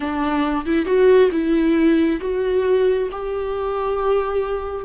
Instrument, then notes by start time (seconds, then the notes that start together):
viola
0.00 D4
0.65 E4
0.85 F#4
1.31 E4
2.21 F#4
3.11 G4